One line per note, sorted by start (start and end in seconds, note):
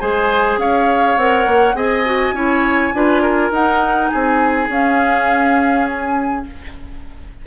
0.00 0.57 G#3
0.00 1.18 G#4
0.00 0.60 C5
0.00 0.59 G#5
0.57 1.16 C#4
0.57 1.76 C#5
0.57 1.18 F5
1.17 1.46 C4
1.17 1.76 A#4
1.17 1.76 F#5
1.46 1.74 A#3
1.74 2.32 C4
1.74 2.05 G#4
1.74 2.35 D#5
1.74 3.52 G#5
2.05 2.34 F#4
2.32 2.91 C#4
2.32 2.93 E4
2.32 2.94 C#5
2.94 3.51 D4
2.94 3.53 F4
2.94 3.22 B4
3.22 4.11 A#4
3.51 4.10 D#4
3.51 4.70 D#4
3.51 4.08 F#5
4.08 4.69 C4
4.08 6.47 G#4
4.08 4.67 G#5
4.69 6.45 C#4
4.69 6.46 C#4
4.69 5.87 F5
5.87 6.46 G#5